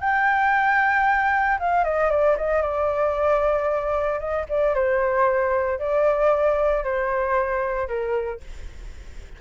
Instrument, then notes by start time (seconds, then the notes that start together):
flute
0.00 G5
1.59 F5
1.84 D#5
2.10 D5
2.37 D#5
2.61 D5
4.19 D#5
4.49 D5
4.74 C5
5.79 D5
6.83 C5
7.88 A#4